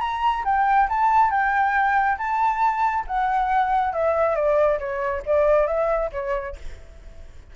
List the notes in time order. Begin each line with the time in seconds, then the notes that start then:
0.00 A#5
0.44 G5
0.89 A5
1.30 G5
2.17 A5
3.07 F#5
3.92 E5
4.35 D5
4.79 C#5
5.26 D5
5.66 E5
6.12 C#5